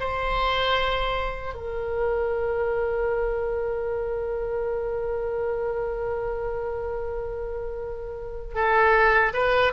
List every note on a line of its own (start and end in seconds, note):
0.00 1.54 C5
1.54 8.55 A#4
8.55 9.33 A4
9.34 9.73 B4